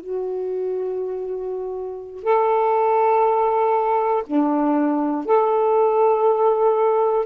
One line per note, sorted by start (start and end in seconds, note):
0.00 2.23 F#4
2.23 4.23 A4
4.26 5.25 D4
5.25 7.25 A4